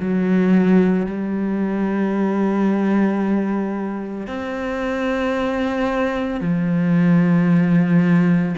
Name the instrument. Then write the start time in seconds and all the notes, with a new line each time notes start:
cello
0.00 F#3
1.07 G3
4.28 C4
6.41 F3